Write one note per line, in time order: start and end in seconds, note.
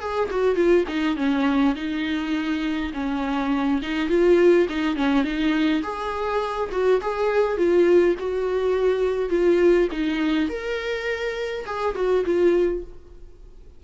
0.00 0.29 G#4
0.30 0.55 F#4
0.55 0.84 F4
0.88 1.17 D#4
1.17 1.75 C#4
1.75 2.92 D#4
2.94 3.81 C#4
3.82 4.09 D#4
4.09 4.67 F4
4.69 4.96 D#4
4.96 5.24 C#4
5.24 5.82 D#4
5.83 6.70 G#4
6.71 7.01 F#4
7.01 7.57 G#4
7.57 8.15 F4
8.19 9.29 F#4
9.29 9.88 F4
9.91 10.49 D#4
10.49 11.65 A#4
11.66 11.95 G#4
11.95 12.24 F#4
12.25 12.83 F4